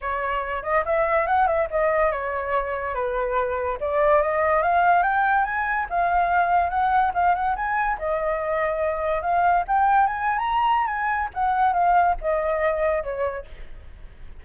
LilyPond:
\new Staff \with { instrumentName = "flute" } { \time 4/4 \tempo 4 = 143 cis''4. dis''8 e''4 fis''8 e''8 | dis''4 cis''2 b'4~ | b'4 d''4 dis''4 f''4 | g''4 gis''4 f''2 |
fis''4 f''8 fis''8 gis''4 dis''4~ | dis''2 f''4 g''4 | gis''8. ais''4~ ais''16 gis''4 fis''4 | f''4 dis''2 cis''4 | }